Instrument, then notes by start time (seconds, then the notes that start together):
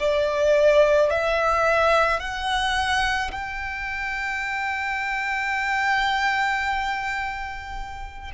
violin
0.00 D5
1.11 E5
2.20 F#5
3.32 G5